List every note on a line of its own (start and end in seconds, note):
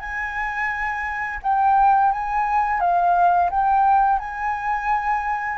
0.00 1.40 G#5
1.43 2.12 G5
2.12 2.80 G#5
2.80 3.50 F5
3.50 4.19 G5
4.19 5.58 G#5